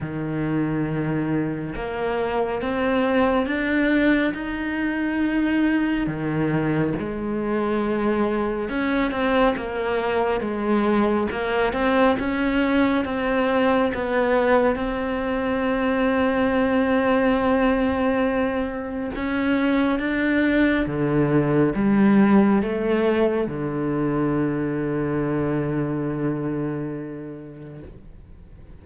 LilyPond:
\new Staff \with { instrumentName = "cello" } { \time 4/4 \tempo 4 = 69 dis2 ais4 c'4 | d'4 dis'2 dis4 | gis2 cis'8 c'8 ais4 | gis4 ais8 c'8 cis'4 c'4 |
b4 c'2.~ | c'2 cis'4 d'4 | d4 g4 a4 d4~ | d1 | }